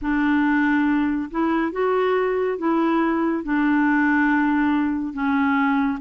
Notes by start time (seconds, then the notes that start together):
0.01 D4
1.31 E4
1.72 F#4
2.58 E4
3.43 D4
5.13 C#4